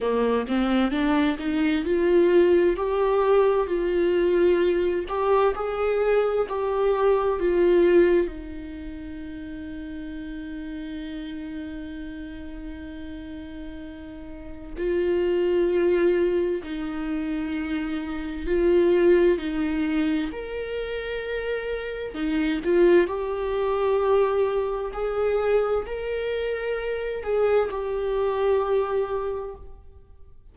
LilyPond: \new Staff \with { instrumentName = "viola" } { \time 4/4 \tempo 4 = 65 ais8 c'8 d'8 dis'8 f'4 g'4 | f'4. g'8 gis'4 g'4 | f'4 dis'2.~ | dis'1 |
f'2 dis'2 | f'4 dis'4 ais'2 | dis'8 f'8 g'2 gis'4 | ais'4. gis'8 g'2 | }